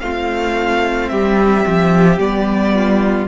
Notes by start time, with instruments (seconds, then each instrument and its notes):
0.00 cello A3, viola C4, violin F4 F5
1.09 cello G3, violin G4 E5
1.66 cello F3
2.18 cello G3, viola B3, violin D5
2.75 violin F4